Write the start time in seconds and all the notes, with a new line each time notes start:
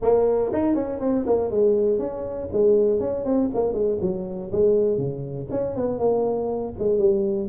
0.02 A#3
0.53 D#4
0.75 C#4
1.00 C4
1.26 A#3
1.50 G#3
1.98 C#4
2.52 G#3
3.00 C#4
3.24 C4
3.53 A#3
3.72 G#3
4.01 F#3
4.52 G#3
4.97 C#3
5.50 C#4
5.75 B3
5.98 A#3
6.78 G#3
6.98 G3